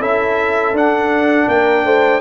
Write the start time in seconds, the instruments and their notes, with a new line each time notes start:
0.00 tuba C#4, trombone E4, horn A4, trumpet E5
0.73 tuba D4, trombone D4, trumpet F#5
1.48 tuba A#3, horn A#4, trumpet G5
1.85 tuba A3, horn C5